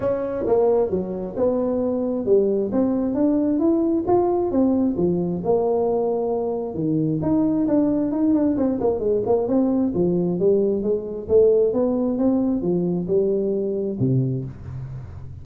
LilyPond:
\new Staff \with { instrumentName = "tuba" } { \time 4/4 \tempo 4 = 133 cis'4 ais4 fis4 b4~ | b4 g4 c'4 d'4 | e'4 f'4 c'4 f4 | ais2. dis4 |
dis'4 d'4 dis'8 d'8 c'8 ais8 | gis8 ais8 c'4 f4 g4 | gis4 a4 b4 c'4 | f4 g2 c4 | }